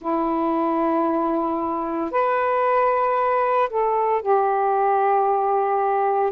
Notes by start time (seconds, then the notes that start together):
0.01 E4
2.11 B4
3.69 A4
4.22 G4